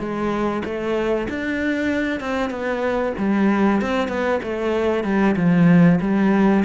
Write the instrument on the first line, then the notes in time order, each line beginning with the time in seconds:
cello
0.00 G#3
0.65 A3
1.29 D4
2.21 C4
2.51 B3
3.19 G3
3.82 C4
4.09 B3
4.44 A3
5.04 G3
5.37 F3
6.01 G3